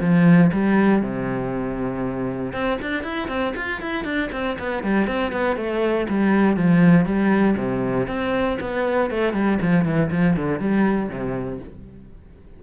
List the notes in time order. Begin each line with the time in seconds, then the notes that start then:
0.00 F3
0.52 G3
1.02 C3
2.53 C4
2.81 D4
3.03 E4
3.28 C4
3.56 F4
3.81 E4
4.04 D4
4.32 C4
4.58 B3
4.83 G3
5.07 C4
5.32 B3
5.56 A3
6.08 G3
6.56 F3
7.05 G3
7.57 C3
8.07 C4
8.60 B3
9.10 A3
9.33 G3
9.61 F3
9.84 E3
10.11 F3
10.36 D3
10.59 G3
11.09 C3